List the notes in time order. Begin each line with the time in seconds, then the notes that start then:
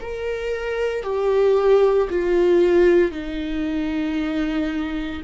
0.00 A#4
1.02 G4
2.10 F4
3.11 D#4